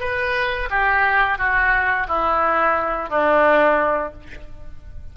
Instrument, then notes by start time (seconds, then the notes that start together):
oboe
0.00 B4
0.70 G4
1.38 F#4
2.08 E4
3.10 D4